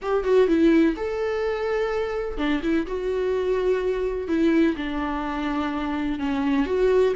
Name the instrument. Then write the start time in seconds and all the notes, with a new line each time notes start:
viola
0.02 G4
0.24 F#4
0.47 E4
0.96 A4
2.37 D4
2.62 E4
2.86 F#4
4.28 E4
4.76 D4
6.19 C#4
6.66 F#4